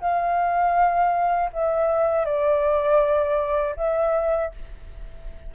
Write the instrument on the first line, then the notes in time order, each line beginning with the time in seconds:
flute
0.00 F5
1.52 E5
2.25 D5
3.76 E5